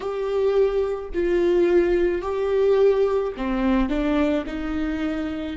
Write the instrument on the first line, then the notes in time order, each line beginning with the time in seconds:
viola
0.00 G4
1.14 F4
2.21 G4
3.36 C4
3.89 D4
4.46 D#4